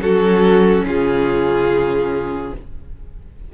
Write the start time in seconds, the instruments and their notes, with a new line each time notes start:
0.00 cello F#3, viola C#4, violin F#4 A4
0.85 cello C#3, violin F4 G#4